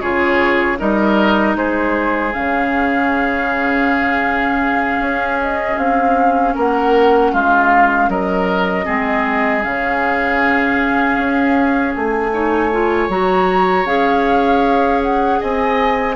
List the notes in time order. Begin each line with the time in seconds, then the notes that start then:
0.00 C#3 F4 G#4 C#5
0.78 G3 D#4 A#4 D#5
1.55 G#3 G#4 C5
2.33 C#3 C#4 F5
4.99 C#4
5.41 D#5
5.77 C4 F5
6.54 A#3 A#4 F#5
7.32 G#3 F4 F5
8.08 F#3 A#4 D#5
8.85 G#3 C4 G#4
9.62 C#3 C#4 F5
11.17 C#4
11.94 A3 G#5
12.32 D#4 C#5
12.71 F4
13.08 F#3 F#4 A#5
13.85 C#4 G#4 F5
15.02 F#5
15.40 C4 D#5 G#5